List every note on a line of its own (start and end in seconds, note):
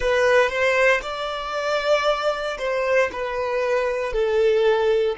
0.00 0.49 B4
0.49 1.01 C5
1.02 2.57 D5
2.58 3.10 C5
3.12 4.12 B4
4.12 5.16 A4